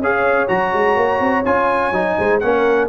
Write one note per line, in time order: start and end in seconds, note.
0.00 0.48 C#4
0.00 0.48 G#4
0.00 2.19 C#5
0.00 0.48 F5
0.48 0.74 F#3
0.48 1.45 F#4
0.48 1.45 A#5
0.74 0.97 G#3
0.97 1.20 A#3
1.20 1.45 C4
1.45 1.92 C#4
1.45 1.94 F4
1.45 2.40 G#5
1.92 2.16 F#3
1.92 2.42 D#4
2.19 2.43 G#3
2.19 2.43 C5
2.40 2.90 A#3
2.40 2.90 C#4
2.40 2.90 A#4
2.40 2.89 F#5